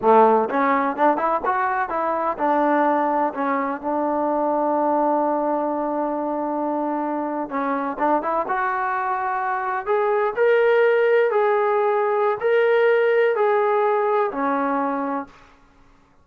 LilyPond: \new Staff \with { instrumentName = "trombone" } { \time 4/4 \tempo 4 = 126 a4 cis'4 d'8 e'8 fis'4 | e'4 d'2 cis'4 | d'1~ | d'2.~ d'8. cis'16~ |
cis'8. d'8 e'8 fis'2~ fis'16~ | fis'8. gis'4 ais'2 gis'16~ | gis'2 ais'2 | gis'2 cis'2 | }